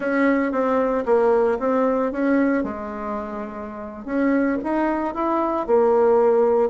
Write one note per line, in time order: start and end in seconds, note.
0.00 0.51 C#4
0.51 1.04 C4
1.05 1.58 A#3
1.59 2.11 C4
2.12 2.63 C#4
2.63 4.05 G#3
4.05 4.57 C#4
4.63 5.14 D#4
5.14 5.66 E4
5.66 6.69 A#3